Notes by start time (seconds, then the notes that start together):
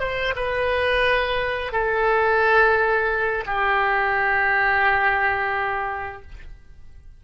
0.00 C5
0.36 B4
1.72 A4
3.46 G4